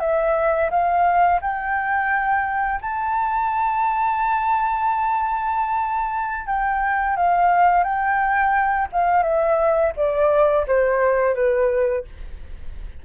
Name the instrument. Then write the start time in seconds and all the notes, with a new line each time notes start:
flute
0.00 E5
0.70 F5
1.41 G5
2.81 A5
6.46 G5
7.16 F5
7.83 G5
8.92 F5
9.23 E5
9.96 D5
10.67 C5
11.35 B4